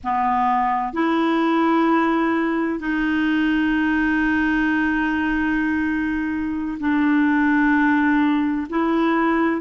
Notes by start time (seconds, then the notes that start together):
0.03 B3
0.93 E4
2.79 D#4
6.79 D4
8.69 E4